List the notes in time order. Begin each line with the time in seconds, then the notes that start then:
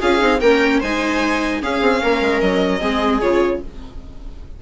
0.00 C#4 F4 G#4 F5
0.20 C4 D#4
0.40 A#3 C#4 A#4 G5
0.80 G#3 D#4 C5 G#5
1.62 C#4 G#4 F5
1.81 C4
2.02 A#3 A#4
2.21 G#3
2.40 F#3 D#5
2.80 G#3 C4 G#4
3.21 C#3 F4 C#5